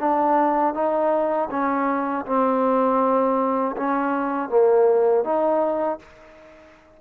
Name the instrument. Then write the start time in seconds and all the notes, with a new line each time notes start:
trombone
0.00 D4
0.74 D#4
1.51 C#4
2.26 C4
3.77 C#4
4.50 A#3
5.24 D#4